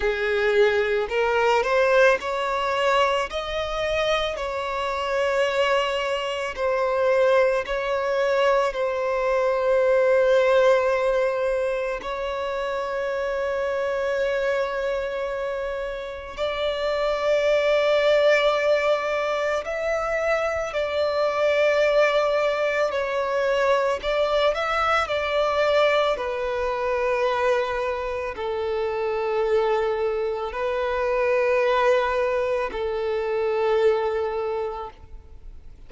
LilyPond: \new Staff \with { instrumentName = "violin" } { \time 4/4 \tempo 4 = 55 gis'4 ais'8 c''8 cis''4 dis''4 | cis''2 c''4 cis''4 | c''2. cis''4~ | cis''2. d''4~ |
d''2 e''4 d''4~ | d''4 cis''4 d''8 e''8 d''4 | b'2 a'2 | b'2 a'2 | }